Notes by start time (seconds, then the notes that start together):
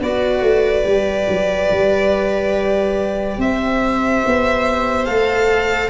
0.00 B3 F#4 B4 D5
0.41 A3
0.85 G3 G4
1.28 F#3
1.70 G3
3.38 C4 C5 E5
4.26 B3
5.05 A3 A4 F5